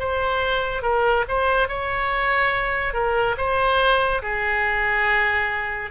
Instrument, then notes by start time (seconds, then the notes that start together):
oboe
0.00 C5
0.83 A#4
1.29 C5
1.69 C#5
2.94 A#4
3.38 C5
4.23 G#4